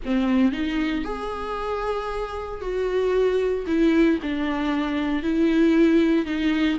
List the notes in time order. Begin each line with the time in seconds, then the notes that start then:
0.05 C4
0.52 D#4
1.04 G#4
2.61 F#4
3.66 E4
4.22 D4
5.22 E4
6.25 D#4